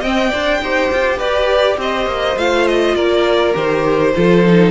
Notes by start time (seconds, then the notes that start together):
0.00 C4 D#5 G5
0.29 D4 C5 D5
0.62 D#4 G4 C5
0.92 F4
1.18 G4 B4 D5
1.78 C4 C5 D#5
2.06 A#3
2.37 A3 F4 F5
2.68 D#5
2.95 A#3 A#4 D5
3.54 D#3 G4 C5
4.15 F3 F4 A4
4.46 D#4